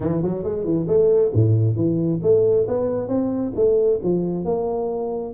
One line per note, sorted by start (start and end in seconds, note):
0.00 0.22 E3
0.22 0.43 F#3
0.43 0.64 G#3
0.64 0.86 E3
0.87 1.32 A3
1.33 1.76 A2
1.76 2.20 E3
2.22 2.67 A3
2.67 3.08 B3
3.08 3.52 C4
3.55 4.00 A3
4.03 4.44 F3
4.44 5.33 A#3